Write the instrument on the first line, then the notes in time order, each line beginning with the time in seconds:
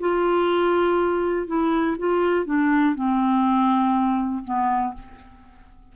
clarinet
0.00 F4
1.47 E4
1.98 F4
2.46 D4
2.95 C4
4.45 B3